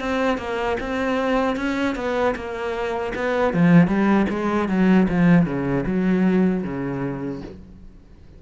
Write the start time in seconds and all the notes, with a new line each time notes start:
0.00 C4
0.38 A#3
0.80 C4
1.57 C#4
1.96 B3
2.35 A#3
3.15 B3
3.53 F3
3.87 G3
4.30 G#3
4.69 F#3
5.09 F3
5.46 C#3
5.86 F#3
6.63 C#3